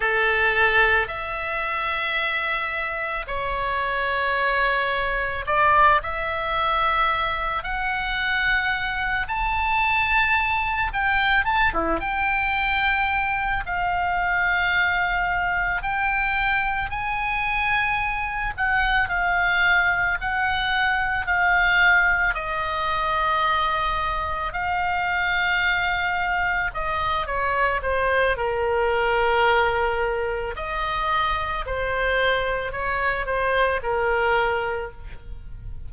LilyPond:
\new Staff \with { instrumentName = "oboe" } { \time 4/4 \tempo 4 = 55 a'4 e''2 cis''4~ | cis''4 d''8 e''4. fis''4~ | fis''8 a''4. g''8 a''16 e'16 g''4~ | g''8 f''2 g''4 gis''8~ |
gis''4 fis''8 f''4 fis''4 f''8~ | f''8 dis''2 f''4.~ | f''8 dis''8 cis''8 c''8 ais'2 | dis''4 c''4 cis''8 c''8 ais'4 | }